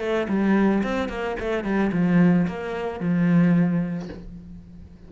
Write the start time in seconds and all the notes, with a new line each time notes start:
0.00 A3
0.29 G3
0.83 C4
1.09 A#3
1.40 A3
1.64 G3
1.92 F3
2.48 A#3
3.00 F3